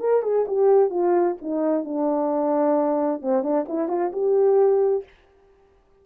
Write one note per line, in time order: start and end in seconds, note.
0.00 0.23 A#4
0.23 0.46 G#4
0.48 0.90 G4
0.90 1.36 F4
1.42 1.84 D#4
1.84 3.22 D4
3.22 3.43 C4
3.43 3.66 D4
3.69 3.89 E4
3.89 4.12 F4
4.13 5.04 G4